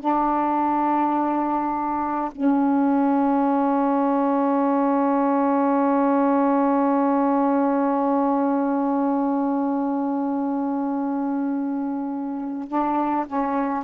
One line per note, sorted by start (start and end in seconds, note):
0.00 2.31 D4
2.32 12.68 C#4
12.68 13.26 D4
13.27 13.84 C#4